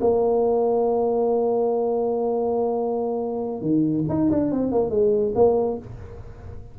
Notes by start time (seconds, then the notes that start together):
0.00 A#3
3.61 D#3
4.09 D#4
4.31 D4
4.51 C4
4.72 A#3
4.90 G#3
5.35 A#3